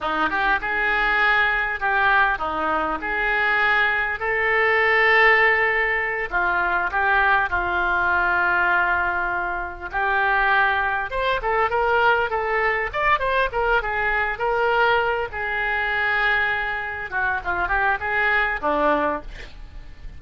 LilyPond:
\new Staff \with { instrumentName = "oboe" } { \time 4/4 \tempo 4 = 100 dis'8 g'8 gis'2 g'4 | dis'4 gis'2 a'4~ | a'2~ a'8 f'4 g'8~ | g'8 f'2.~ f'8~ |
f'8 g'2 c''8 a'8 ais'8~ | ais'8 a'4 d''8 c''8 ais'8 gis'4 | ais'4. gis'2~ gis'8~ | gis'8 fis'8 f'8 g'8 gis'4 d'4 | }